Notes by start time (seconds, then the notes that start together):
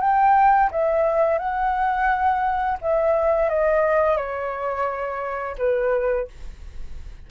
0.00 G5
0.71 E5
1.38 F#5
2.81 E5
3.49 D#5
4.16 C#5
5.58 B4